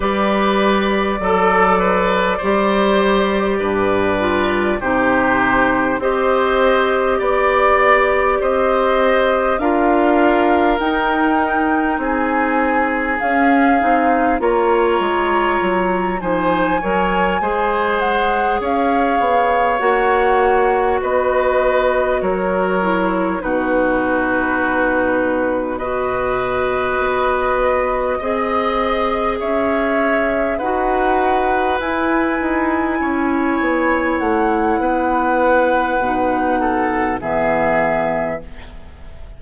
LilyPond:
<<
  \new Staff \with { instrumentName = "flute" } { \time 4/4 \tempo 4 = 50 d''1 | c''4 dis''4 d''4 dis''4 | f''4 g''4 gis''4 f''4 | ais''4. gis''4. fis''8 f''8~ |
f''8 fis''4 dis''4 cis''4 b'8~ | b'4. dis''2~ dis''8~ | dis''8 e''4 fis''4 gis''4.~ | gis''8 fis''2~ fis''8 e''4 | }
  \new Staff \with { instrumentName = "oboe" } { \time 4/4 b'4 a'8 b'8 c''4 b'4 | g'4 c''4 d''4 c''4 | ais'2 gis'2 | cis''4. c''8 cis''8 c''4 cis''8~ |
cis''4. b'4 ais'4 fis'8~ | fis'4. b'2 dis''8~ | dis''8 cis''4 b'2 cis''8~ | cis''4 b'4. a'8 gis'4 | }
  \new Staff \with { instrumentName = "clarinet" } { \time 4/4 g'4 a'4 g'4. f'8 | dis'4 g'2. | f'4 dis'2 cis'8 dis'8 | f'4. dis'8 ais'8 gis'4.~ |
gis'8 fis'2~ fis'8 e'8 dis'8~ | dis'4. fis'2 gis'8~ | gis'4. fis'4 e'4.~ | e'2 dis'4 b4 | }
  \new Staff \with { instrumentName = "bassoon" } { \time 4/4 g4 fis4 g4 g,4 | c4 c'4 b4 c'4 | d'4 dis'4 c'4 cis'8 c'8 | ais8 gis8 fis8 f8 fis8 gis4 cis'8 |
b8 ais4 b4 fis4 b,8~ | b,2~ b,8 b4 c'8~ | c'8 cis'4 dis'4 e'8 dis'8 cis'8 | b8 a8 b4 b,4 e4 | }
>>